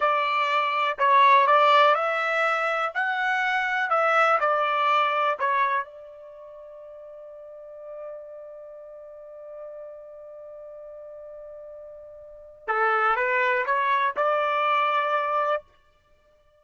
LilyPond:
\new Staff \with { instrumentName = "trumpet" } { \time 4/4 \tempo 4 = 123 d''2 cis''4 d''4 | e''2 fis''2 | e''4 d''2 cis''4 | d''1~ |
d''1~ | d''1~ | d''2 a'4 b'4 | cis''4 d''2. | }